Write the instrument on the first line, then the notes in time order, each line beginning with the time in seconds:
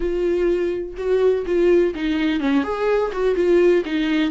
viola
0.00 F4
0.97 F#4
1.46 F4
1.94 D#4
2.40 C#4
2.63 G#4
3.12 F#4
3.35 F4
3.85 D#4